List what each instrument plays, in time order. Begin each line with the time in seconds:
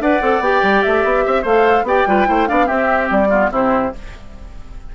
0.00 bassoon D4, clarinet B4, oboe D5, flute F#5
0.21 bassoon C4, clarinet A4
0.40 bassoon B3, clarinet G4, flute G5
0.62 bassoon G3
0.82 bassoon A3, flute E5
1.04 bassoon B3
1.25 bassoon C4, oboe E5
1.42 bassoon A3, clarinet A4, oboe C5, flute F5
1.83 bassoon B3, clarinet G4, oboe D5, flute G5
2.06 bassoon G3, clarinet F4, oboe B4
2.26 bassoon A3, clarinet E4, oboe C5
2.47 bassoon B3, clarinet D4, oboe D5, flute F5
2.65 clarinet C4, bassoon C4, oboe G4, flute E5
3.10 bassoon G3, flute D5
3.29 clarinet B3, oboe F4
3.50 bassoon C3, clarinet C4, oboe E4, flute C5